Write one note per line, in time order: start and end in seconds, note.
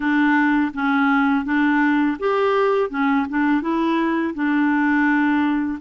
0.00 0.72 D4
0.74 1.45 C#4
1.45 2.17 D4
2.19 2.90 G4
2.90 3.26 C#4
3.29 3.61 D4
3.61 4.33 E4
4.34 5.78 D4